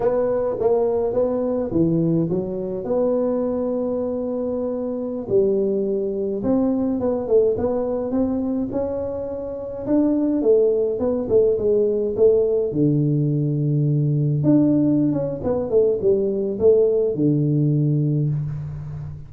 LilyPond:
\new Staff \with { instrumentName = "tuba" } { \time 4/4 \tempo 4 = 105 b4 ais4 b4 e4 | fis4 b2.~ | b4~ b16 g2 c'8.~ | c'16 b8 a8 b4 c'4 cis'8.~ |
cis'4~ cis'16 d'4 a4 b8 a16~ | a16 gis4 a4 d4.~ d16~ | d4~ d16 d'4~ d'16 cis'8 b8 a8 | g4 a4 d2 | }